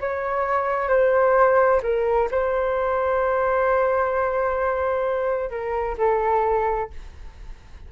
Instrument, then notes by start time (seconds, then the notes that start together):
flute
0.00 C#5
0.89 C5
1.83 A#4
2.31 C5
5.50 A#4
5.97 A4